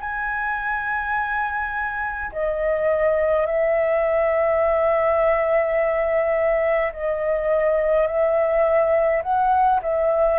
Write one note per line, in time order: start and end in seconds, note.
0.00 2.31 G#5
2.32 3.46 D#5
3.46 6.92 E5
6.93 8.07 D#5
8.07 9.23 E5
9.23 9.80 F#5
9.82 10.39 E5